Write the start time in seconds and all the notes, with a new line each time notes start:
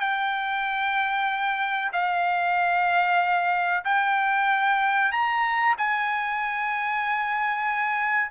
0.00 G5
1.92 F5
3.84 G5
5.12 A#5
5.78 G#5